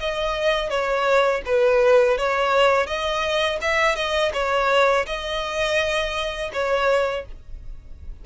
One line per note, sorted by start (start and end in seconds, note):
0.00 0.70 D#5
0.70 1.42 C#5
1.46 2.18 B4
2.18 2.87 C#5
2.87 3.59 D#5
3.61 3.96 E5
3.96 4.32 D#5
4.34 5.06 C#5
5.06 6.51 D#5
6.53 7.26 C#5